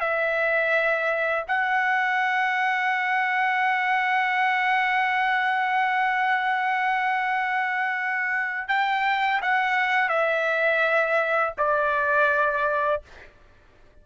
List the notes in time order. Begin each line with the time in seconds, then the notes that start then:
0.00 E5
1.48 F#5
8.68 G5
9.42 F#5
10.09 E5
11.58 D5